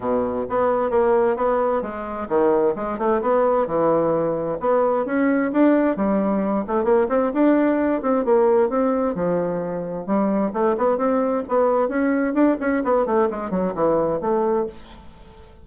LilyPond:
\new Staff \with { instrumentName = "bassoon" } { \time 4/4 \tempo 4 = 131 b,4 b4 ais4 b4 | gis4 dis4 gis8 a8 b4 | e2 b4 cis'4 | d'4 g4. a8 ais8 c'8 |
d'4. c'8 ais4 c'4 | f2 g4 a8 b8 | c'4 b4 cis'4 d'8 cis'8 | b8 a8 gis8 fis8 e4 a4 | }